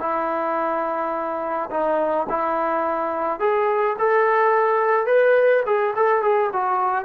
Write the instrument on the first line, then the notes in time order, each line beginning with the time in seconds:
trombone
0.00 E4
1.70 D#4
2.29 E4
3.40 G#4
3.99 A4
5.07 B4
5.66 G#4
5.96 A4
6.22 G#4
6.53 F#4